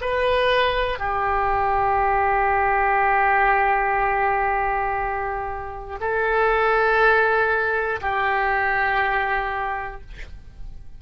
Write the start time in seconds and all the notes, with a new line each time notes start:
0.00 B4
0.99 G4
6.00 A4
8.00 G4